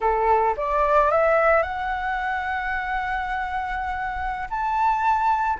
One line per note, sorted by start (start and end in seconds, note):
0.00 0.55 A4
0.56 1.11 D5
1.11 1.62 E5
1.62 4.48 F#5
4.50 5.59 A5